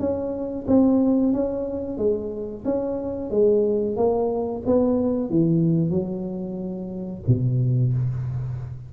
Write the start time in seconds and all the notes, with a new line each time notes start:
0.00 C#4
0.67 C4
1.33 C#4
1.98 G#3
2.65 C#4
3.31 G#3
3.97 A#3
4.66 B3
5.30 E3
5.90 F#3
7.28 B2